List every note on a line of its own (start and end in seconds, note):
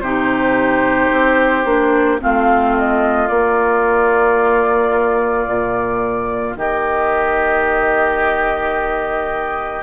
0.00 1.09 C3
0.00 1.65 D#4
0.00 2.21 G4
0.00 2.18 C5
1.11 1.65 C4
1.65 2.19 A#3
1.65 2.19 D4
2.19 3.29 A3
2.19 3.27 C4
2.19 6.57 F4
2.19 2.76 F5
2.77 3.27 D#5
3.27 9.81 A#3
3.27 5.46 A#3
3.27 6.55 D5
5.46 6.55 A#2
6.56 9.82 D#3
6.56 9.82 G4
6.56 9.82 D#5